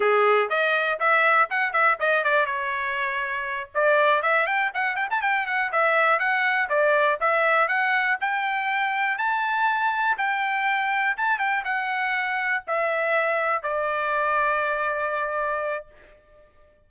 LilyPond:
\new Staff \with { instrumentName = "trumpet" } { \time 4/4 \tempo 4 = 121 gis'4 dis''4 e''4 fis''8 e''8 | dis''8 d''8 cis''2~ cis''8 d''8~ | d''8 e''8 g''8 fis''8 g''16 a''16 g''8 fis''8 e''8~ | e''8 fis''4 d''4 e''4 fis''8~ |
fis''8 g''2 a''4.~ | a''8 g''2 a''8 g''8 fis''8~ | fis''4. e''2 d''8~ | d''1 | }